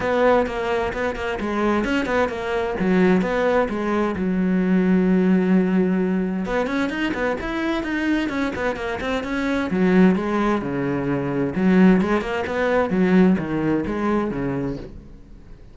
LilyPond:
\new Staff \with { instrumentName = "cello" } { \time 4/4 \tempo 4 = 130 b4 ais4 b8 ais8 gis4 | cis'8 b8 ais4 fis4 b4 | gis4 fis2.~ | fis2 b8 cis'8 dis'8 b8 |
e'4 dis'4 cis'8 b8 ais8 c'8 | cis'4 fis4 gis4 cis4~ | cis4 fis4 gis8 ais8 b4 | fis4 dis4 gis4 cis4 | }